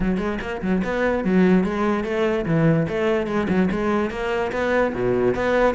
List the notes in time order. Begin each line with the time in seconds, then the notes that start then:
0.00 F#3
0.17 G#3
0.41 A#3
0.61 F#3
0.84 B3
1.24 F#3
1.64 G#3
2.03 A3
2.45 E3
2.88 A3
3.26 G#3
3.48 F#3
3.71 G#3
4.10 A#3
4.51 B3
4.94 B2
5.34 B3